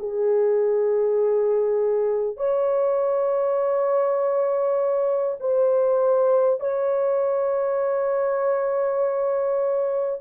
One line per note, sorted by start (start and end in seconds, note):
0.00 2.37 G#4
2.37 5.37 C#5
5.41 6.61 C5
6.61 10.21 C#5